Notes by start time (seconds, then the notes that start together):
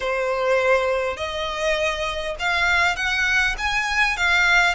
0.00 C5
1.16 D#5
2.39 F5
2.96 F#5
3.58 G#5
4.16 F5